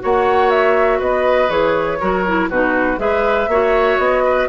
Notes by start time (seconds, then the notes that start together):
0.00 A#3 F#4 C#5 F#5
0.51 E5
0.99 B3 B4 D#5
1.49 E3 G#4 C#5
2.00 F#3 F#4 A#4
2.27 E4
2.49 B2 D#4 F#4 B4
2.98 G#3 G#4 B4 E5
3.48 A#3 F#4 C#5
3.99 B3 D#5
4.24 B4